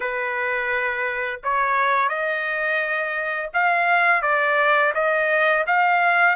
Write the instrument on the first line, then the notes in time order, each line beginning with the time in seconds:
trumpet
0.00 B4
1.43 C#5
2.09 D#5
3.53 F5
4.22 D5
4.94 D#5
5.66 F5